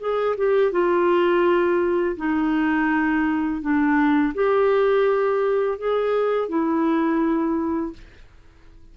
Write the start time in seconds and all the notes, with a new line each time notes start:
0.00 G#4
0.37 G4
0.72 F4
2.17 D#4
3.62 D4
4.35 G4
5.79 G#4
6.49 E4